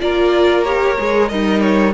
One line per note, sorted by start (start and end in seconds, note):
0.00 0.98 A#3
0.00 0.65 F4
0.00 1.31 A#4
0.00 0.64 D5
0.64 0.97 G4
0.64 1.29 C#5
0.98 1.31 G#3
0.98 1.29 G#4
1.29 1.94 G3
1.29 1.94 D#4
1.29 1.94 A#4
1.29 1.61 D#5
1.61 1.93 C#5